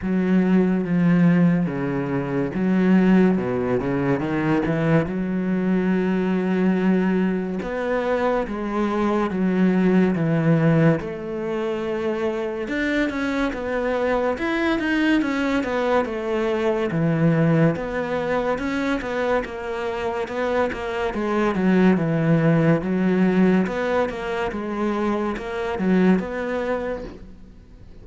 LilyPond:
\new Staff \with { instrumentName = "cello" } { \time 4/4 \tempo 4 = 71 fis4 f4 cis4 fis4 | b,8 cis8 dis8 e8 fis2~ | fis4 b4 gis4 fis4 | e4 a2 d'8 cis'8 |
b4 e'8 dis'8 cis'8 b8 a4 | e4 b4 cis'8 b8 ais4 | b8 ais8 gis8 fis8 e4 fis4 | b8 ais8 gis4 ais8 fis8 b4 | }